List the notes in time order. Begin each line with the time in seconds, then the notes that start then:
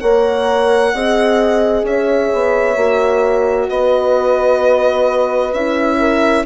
0.00 A#3 A#4 C#5 F#5
0.93 C4 G#4 D#5
1.83 C#4 C#5 E5
2.33 B3
2.76 A#3 F#4
3.69 B3 B4 D#5
5.53 C#4 E4 E5
5.99 A#4